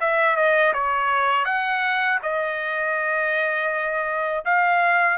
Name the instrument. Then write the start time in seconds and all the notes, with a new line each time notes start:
trumpet
0.00 E5
0.36 D#5
0.73 C#5
1.45 F#5
2.22 D#5
4.45 F5